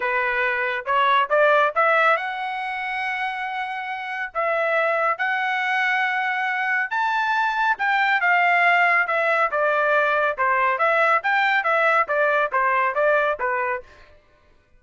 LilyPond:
\new Staff \with { instrumentName = "trumpet" } { \time 4/4 \tempo 4 = 139 b'2 cis''4 d''4 | e''4 fis''2.~ | fis''2 e''2 | fis''1 |
a''2 g''4 f''4~ | f''4 e''4 d''2 | c''4 e''4 g''4 e''4 | d''4 c''4 d''4 b'4 | }